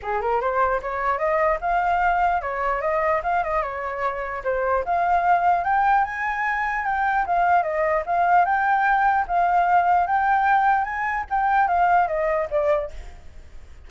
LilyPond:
\new Staff \with { instrumentName = "flute" } { \time 4/4 \tempo 4 = 149 gis'8 ais'8 c''4 cis''4 dis''4 | f''2 cis''4 dis''4 | f''8 dis''8 cis''2 c''4 | f''2 g''4 gis''4~ |
gis''4 g''4 f''4 dis''4 | f''4 g''2 f''4~ | f''4 g''2 gis''4 | g''4 f''4 dis''4 d''4 | }